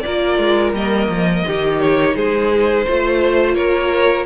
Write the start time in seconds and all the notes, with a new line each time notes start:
0.00 F4 A#4 D5
0.06 A#3
0.38 G#3
0.72 G3 A#3 D#5
1.08 F3
1.46 D#3 D#4 G4
1.80 C#5
2.15 G#3 G#4 C5
2.87 A3 F4 C5
3.55 A#3 A#4 C#5